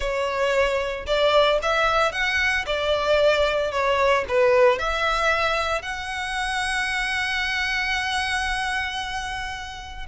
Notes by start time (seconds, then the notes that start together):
0.00 C#5
1.06 D5
1.62 E5
2.11 F#5
2.65 D5
3.71 C#5
4.28 B4
4.79 E5
5.81 F#5